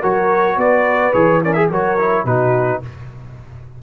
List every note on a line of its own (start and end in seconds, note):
0.00 0.57 F#3
0.00 1.13 F#4
0.00 0.56 A#4
0.00 0.59 C#5
0.57 1.13 B3
0.57 1.45 B4
0.57 1.14 D5
1.13 1.70 E3
1.13 1.41 G#4
1.13 1.42 C#5
1.44 1.55 C#4
1.44 1.59 A#4
1.44 1.53 D5
1.53 1.70 G#4
1.53 1.71 G#4
1.53 1.67 E5
1.70 2.25 F#3
1.70 1.98 F#4
1.70 2.25 A#4
1.70 2.26 C#5
1.99 2.27 E4
2.25 2.81 B2
2.25 2.83 D#4
2.25 2.81 F#4
2.25 2.82 B4